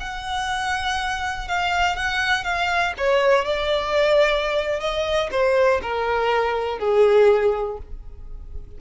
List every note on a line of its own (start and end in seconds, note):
0.00 1.48 F#5
1.48 1.96 F5
1.96 2.44 F#5
2.44 2.93 F5
2.98 3.45 C#5
3.45 4.80 D5
4.80 5.30 D#5
5.31 5.81 C5
5.82 6.79 A#4
6.79 7.78 G#4